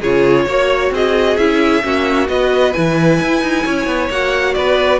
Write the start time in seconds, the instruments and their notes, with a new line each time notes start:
0.00 cello C#3, viola F4, violin G#4 C#5
0.46 cello A#3, viola F#4, violin C#5
0.91 cello C4, violin G#4 D#5
1.37 cello C#4, viola E4, violin E5
1.82 cello A#3, viola C#4, violin F#4
2.26 cello B3, viola F#4, violin B4 D#5
2.73 cello E3, viola E4, violin G#5
3.20 cello E4
3.41 cello D#4
3.64 cello C#4, violin C#5
3.86 cello B3
4.10 cello A#3, viola F#4, violin F#5
4.54 cello B3, violin B4 D5